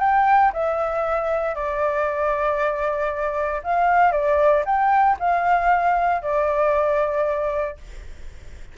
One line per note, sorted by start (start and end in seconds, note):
0.00 0.52 G5
0.53 1.55 E5
1.55 3.62 D5
3.63 4.12 F5
4.12 4.64 D5
4.65 5.17 G5
5.19 6.22 F5
6.22 7.78 D5